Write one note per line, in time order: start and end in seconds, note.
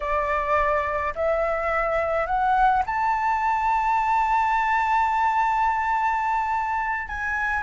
0.00 1.13 D5
1.15 2.26 E5
2.26 2.83 F#5
2.86 7.08 A5
7.08 7.62 G#5